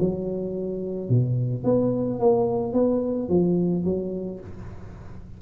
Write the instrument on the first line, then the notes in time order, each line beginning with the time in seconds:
tuba
0.00 F#3
1.10 B2
1.64 B3
2.20 A#3
2.73 B3
3.29 F3
3.85 F#3